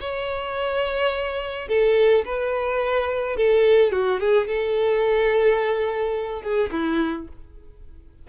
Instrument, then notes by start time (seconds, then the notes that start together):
violin
0.00 C#5
1.68 A4
2.25 B4
3.37 A4
3.92 F#4
4.20 G#4
4.47 A4
6.42 G#4
6.72 E4